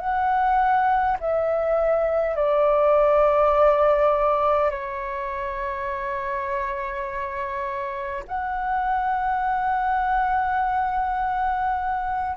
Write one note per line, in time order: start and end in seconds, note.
0.00 1.18 F#5
1.20 2.36 E5
2.36 4.71 D5
4.71 8.24 C#5
8.28 12.37 F#5